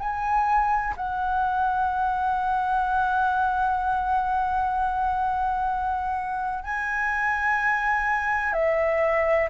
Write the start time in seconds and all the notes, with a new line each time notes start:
0.00 G#5
0.97 F#5
6.64 G#5
8.54 E5